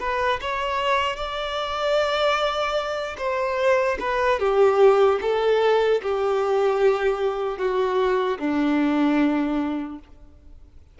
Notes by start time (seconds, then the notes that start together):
0.00 B4
0.41 C#5
1.16 D5
3.18 C5
4.00 B4
4.40 G4
5.22 A4
6.03 G4
7.59 F#4
8.39 D4